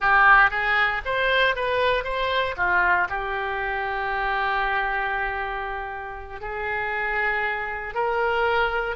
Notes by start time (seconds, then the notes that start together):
0.00 G4
0.50 G#4
1.05 C5
1.55 B4
2.03 C5
2.56 F4
3.09 G4
6.40 G#4
7.94 A#4